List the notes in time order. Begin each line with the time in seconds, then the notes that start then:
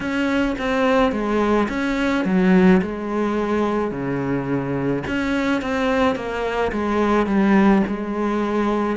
0.00 C#4
0.58 C4
1.11 G#3
1.68 C#4
2.25 F#3
2.81 G#3
3.91 C#3
5.07 C#4
5.61 C4
6.15 A#3
6.72 G#3
7.26 G3
7.87 G#3